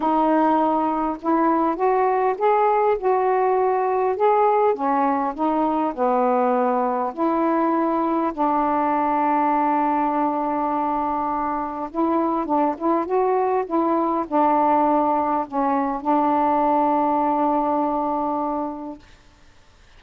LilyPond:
\new Staff \with { instrumentName = "saxophone" } { \time 4/4 \tempo 4 = 101 dis'2 e'4 fis'4 | gis'4 fis'2 gis'4 | cis'4 dis'4 b2 | e'2 d'2~ |
d'1 | e'4 d'8 e'8 fis'4 e'4 | d'2 cis'4 d'4~ | d'1 | }